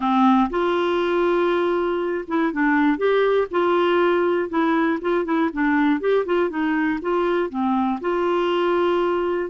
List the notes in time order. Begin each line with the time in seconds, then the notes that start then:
0.00 C4
0.50 F4
2.27 E4
2.52 D4
2.97 G4
3.50 F4
4.49 E4
5.01 F4
5.25 E4
5.52 D4
6.00 G4
6.25 F4
6.49 D#4
7.01 F4
7.49 C4
8.00 F4